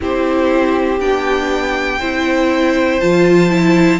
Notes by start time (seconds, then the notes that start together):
0.00 C4 E4 G4 C5
1.00 B3 D4 G5
1.99 C4 E4 C5
3.00 F3 F4 A5
3.49 E4